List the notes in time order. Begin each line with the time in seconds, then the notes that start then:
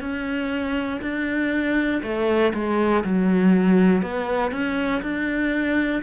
0.00 C#4
1.01 D4
2.02 A3
2.54 G#3
3.04 F#3
4.02 B3
4.51 C#4
5.02 D4